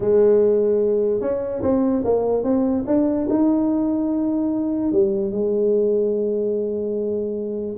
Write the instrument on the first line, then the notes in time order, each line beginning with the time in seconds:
tuba
0.00 G#3
1.20 C#4
1.62 C4
2.04 A#3
2.43 C4
2.86 D4
3.29 D#4
4.92 G3
5.31 G#3